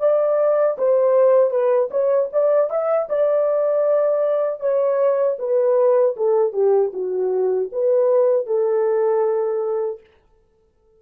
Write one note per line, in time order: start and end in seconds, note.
0.00 0.77 D5
0.78 1.51 C5
1.51 1.89 B4
1.91 2.29 C#5
2.33 2.70 D5
2.70 3.09 E5
3.09 4.60 D5
4.60 5.37 C#5
5.39 6.16 B4
6.16 6.53 A4
6.53 6.92 G4
6.93 7.70 F#4
7.72 8.47 B4
8.47 10.00 A4